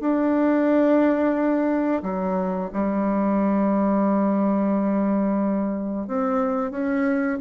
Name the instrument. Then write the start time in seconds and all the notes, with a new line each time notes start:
bassoon
0.00 D4
2.03 F#3
2.73 G3
6.07 C4
6.71 C#4